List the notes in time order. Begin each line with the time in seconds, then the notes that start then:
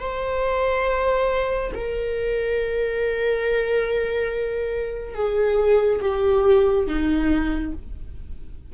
0.00 C5
1.75 A#4
5.15 G#4
6.01 G4
6.87 D#4